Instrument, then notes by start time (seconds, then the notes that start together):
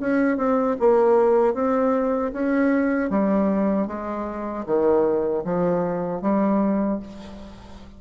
bassoon
0.00 C#4
0.37 C4
0.80 A#3
1.54 C4
2.33 C#4
3.10 G3
3.87 G#3
4.66 D#3
5.44 F3
6.22 G3